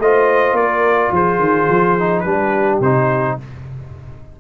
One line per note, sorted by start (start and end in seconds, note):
0.00 0.53 A3
0.00 1.99 F4
0.00 0.59 C5
0.00 0.56 D#5
0.53 1.09 A#3
0.53 1.12 D5
0.59 1.14 A#4
1.12 1.39 F3
1.12 2.25 G#4
1.12 2.20 C5
1.39 1.68 D#3
1.70 2.25 F3
1.99 2.26 D#4
2.20 2.80 G3
2.20 2.82 D4
2.20 3.37 G4
2.20 2.76 B4
2.80 3.36 C3
2.80 3.40 D#4
2.80 3.38 C5